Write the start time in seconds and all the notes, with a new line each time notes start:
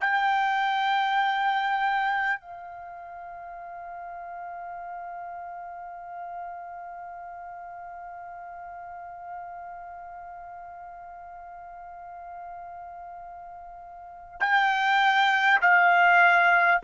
0.00 G5
2.41 F5
14.40 G5
15.61 F5